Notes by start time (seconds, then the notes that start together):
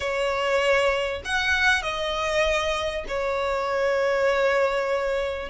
0.00 C#5
1.24 F#5
1.82 D#5
3.08 C#5